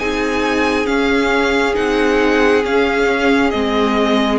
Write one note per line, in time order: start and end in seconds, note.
0.00 0.87 C4
0.00 0.86 D#4
0.00 4.40 G#4
0.00 0.87 G#5
0.86 1.74 C#4
0.86 1.75 C#4
0.86 1.75 F5
1.74 2.65 C4
1.74 2.62 D#4
1.74 2.64 F#5
2.65 3.53 C#4
2.65 3.51 F5
3.51 4.40 G#3
3.51 4.40 C4
3.51 4.39 D#5